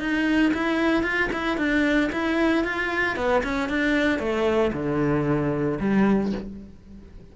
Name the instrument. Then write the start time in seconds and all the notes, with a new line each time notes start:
cello
0.00 D#4
0.54 E4
1.03 F4
1.33 E4
1.58 D4
2.12 E4
2.65 F4
3.17 B3
3.44 C#4
3.69 D4
4.19 A3
4.73 D3
5.80 G3